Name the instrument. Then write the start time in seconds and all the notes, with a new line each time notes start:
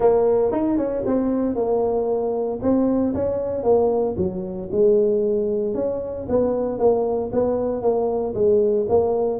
tuba
0.00 A#3
0.51 D#4
0.77 C#4
1.06 C4
1.55 A#3
2.61 C4
3.14 C#4
3.63 A#3
4.17 F#3
4.71 G#3
5.74 C#4
6.29 B3
6.78 A#3
7.32 B3
7.81 A#3
8.34 G#3
8.88 A#3